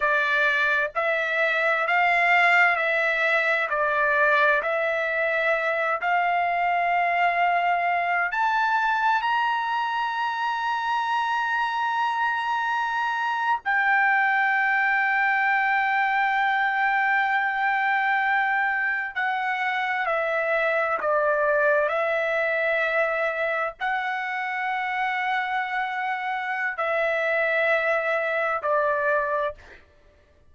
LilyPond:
\new Staff \with { instrumentName = "trumpet" } { \time 4/4 \tempo 4 = 65 d''4 e''4 f''4 e''4 | d''4 e''4. f''4.~ | f''4 a''4 ais''2~ | ais''2~ ais''8. g''4~ g''16~ |
g''1~ | g''8. fis''4 e''4 d''4 e''16~ | e''4.~ e''16 fis''2~ fis''16~ | fis''4 e''2 d''4 | }